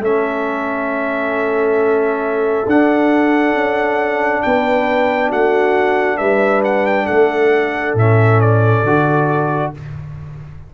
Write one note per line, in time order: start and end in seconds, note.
0.00 2.65 A3
0.00 2.67 C#4
0.00 4.43 A4
0.00 2.69 E5
2.66 3.54 D4
2.66 7.99 D4
2.66 4.42 F#5
3.54 4.42 C#4
4.42 5.32 B3
4.42 5.29 B4
4.42 5.31 G5
5.29 6.20 A3
5.29 6.18 F#4
5.29 6.18 F#5
6.18 7.08 G3
6.18 7.06 B4
6.18 6.62 E5
6.65 6.87 F#5
6.87 7.06 G5
7.06 7.94 A3
7.06 9.71 A4
7.06 7.94 F#5
7.94 8.83 A2
7.94 8.86 C#4
7.94 8.41 E5
8.41 9.73 D5
8.84 9.72 D3
8.84 9.74 F#4